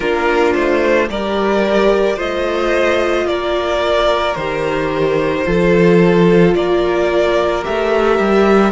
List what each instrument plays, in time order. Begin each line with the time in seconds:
0.00 cello A#3, viola D4, violin F4 A#4
0.54 cello A3, violin C5
1.09 cello G3, viola G4, violin A#4 D5
2.16 cello A3, viola F4, violin C5 D#5
3.26 cello A#3, violin A#4 D5
4.35 cello D#3, viola G4, violin C5
5.44 cello F3, viola F4, violin A4
6.54 cello A#3, violin A#4 D5
7.62 cello A3, viola G4, violin E5
8.18 cello G3